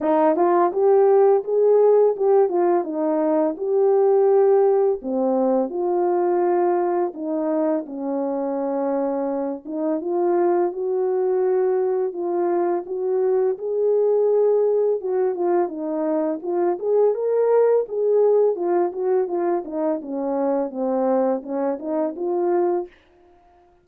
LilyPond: \new Staff \with { instrumentName = "horn" } { \time 4/4 \tempo 4 = 84 dis'8 f'8 g'4 gis'4 g'8 f'8 | dis'4 g'2 c'4 | f'2 dis'4 cis'4~ | cis'4. dis'8 f'4 fis'4~ |
fis'4 f'4 fis'4 gis'4~ | gis'4 fis'8 f'8 dis'4 f'8 gis'8 | ais'4 gis'4 f'8 fis'8 f'8 dis'8 | cis'4 c'4 cis'8 dis'8 f'4 | }